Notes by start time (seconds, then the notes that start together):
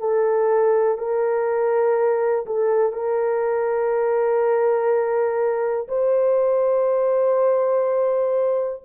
0.00 A4
0.98 A#4
2.46 A4
2.93 A#4
5.88 C5